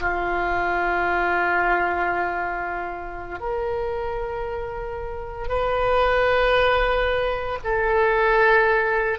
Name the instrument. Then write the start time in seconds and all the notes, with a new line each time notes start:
oboe
0.00 F4
3.40 A#4
5.49 B4
7.65 A4